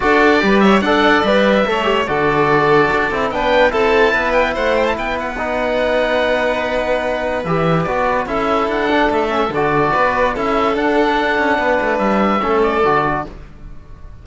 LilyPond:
<<
  \new Staff \with { instrumentName = "oboe" } { \time 4/4 \tempo 4 = 145 d''4. e''8 fis''4 e''4~ | e''4 d''2. | g''4 a''4. g''8 fis''8 g''16 a''16 | g''8 fis''2.~ fis''8~ |
fis''2 e''4 d''4 | e''4 fis''4 e''4 d''4~ | d''4 e''4 fis''2~ | fis''4 e''4. d''4. | }
  \new Staff \with { instrumentName = "violin" } { \time 4/4 a'4 b'8 cis''8 d''2 | cis''4 a'2. | b'4 a'4 b'4 c''4 | b'1~ |
b'1 | a'1 | b'4 a'2. | b'2 a'2 | }
  \new Staff \with { instrumentName = "trombone" } { \time 4/4 fis'4 g'4 a'4 b'4 | a'8 g'8 fis'2~ fis'8 e'8 | d'4 e'2.~ | e'4 dis'2.~ |
dis'2 g'4 fis'4 | e'4. d'4 cis'8 fis'4~ | fis'4 e'4 d'2~ | d'2 cis'4 fis'4 | }
  \new Staff \with { instrumentName = "cello" } { \time 4/4 d'4 g4 d'4 g4 | a4 d2 d'8 c'8 | b4 c'4 b4 a4 | b1~ |
b2 e4 b4 | cis'4 d'4 a4 d4 | b4 cis'4 d'4. cis'8 | b8 a8 g4 a4 d4 | }
>>